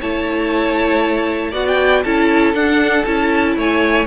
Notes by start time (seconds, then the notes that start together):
0.00 A3 E4 C#5 A5
1.51 B3 F#4 D5 F#5
1.67 G5
2.03 C#4 E4 A4 A5
2.54 D4 F#5
3.05 C#4 E4 A5
3.56 A3 C#5 G#5